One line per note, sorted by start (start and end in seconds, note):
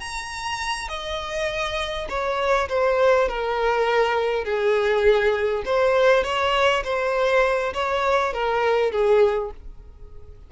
0.00 0.88 A#5
0.88 2.07 D#5
2.09 2.68 C#5
2.69 3.28 C5
3.28 4.44 A#4
4.44 5.63 G#4
5.65 6.24 C5
6.24 6.83 C#5
6.84 7.73 C5
7.74 8.33 C#5
8.33 8.91 A#4
8.91 9.51 G#4